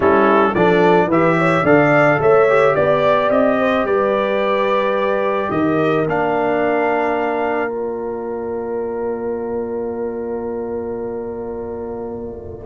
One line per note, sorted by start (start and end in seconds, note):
0.00 0.52 G3
0.00 0.55 C#4
0.00 0.54 E4
0.00 0.54 A4
0.54 1.07 F3
0.54 1.11 D4
0.54 1.07 A4
0.54 1.09 D5
1.07 1.62 E3
1.07 1.65 G4
1.07 1.35 B4
1.07 1.66 E5
1.38 1.64 C#5
1.63 2.18 D3
1.63 2.48 A4
1.63 2.19 D5
1.63 2.21 F5
2.18 2.73 A3
2.18 2.75 C#5
2.18 2.75 E5
2.48 6.06 G4
2.75 3.29 B3
2.75 3.30 D5
2.75 3.57 D5
3.29 3.84 C4
3.29 3.85 D#5
3.58 3.86 C5
3.84 5.49 G3
3.84 5.51 B4
3.84 5.51 D5
5.51 6.06 D#3
5.51 12.65 A#4
5.51 6.06 D#5
6.06 12.65 A#3
6.06 7.68 D4
6.06 7.72 F5
7.68 12.64 F4
7.68 12.65 D5